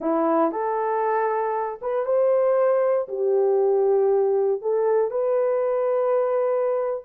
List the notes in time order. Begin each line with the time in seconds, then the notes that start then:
0.00 E4
0.51 A4
1.81 B4
2.05 C5
3.08 G4
4.61 A4
5.10 B4